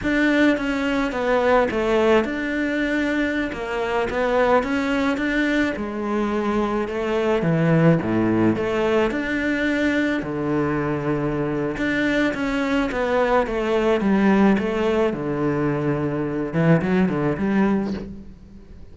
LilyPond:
\new Staff \with { instrumentName = "cello" } { \time 4/4 \tempo 4 = 107 d'4 cis'4 b4 a4 | d'2~ d'16 ais4 b8.~ | b16 cis'4 d'4 gis4.~ gis16~ | gis16 a4 e4 a,4 a8.~ |
a16 d'2 d4.~ d16~ | d4 d'4 cis'4 b4 | a4 g4 a4 d4~ | d4. e8 fis8 d8 g4 | }